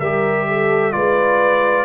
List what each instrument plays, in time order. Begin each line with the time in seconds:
0.00 tuba G3, trombone G4, horn A#4, trumpet E5
0.48 horn A4
0.92 tuba G#3, trombone F4, horn B4, trumpet D5